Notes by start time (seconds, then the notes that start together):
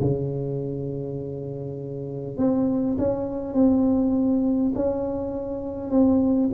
0.00 C#3
2.37 C4
2.98 C#4
3.53 C4
4.74 C#4
5.90 C4